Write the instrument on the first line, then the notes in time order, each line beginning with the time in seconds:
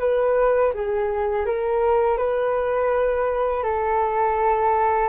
flute
0.00 B4
0.75 G#4
1.46 A#4
2.18 B4
3.64 A4